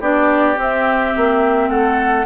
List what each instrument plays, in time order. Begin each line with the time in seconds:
0.00 bassoon B3, clarinet D4, oboe G4, flute D5
0.55 clarinet C4, bassoon C4, flute E5
1.16 bassoon A#3
1.69 bassoon A3, oboe A4, flute F#5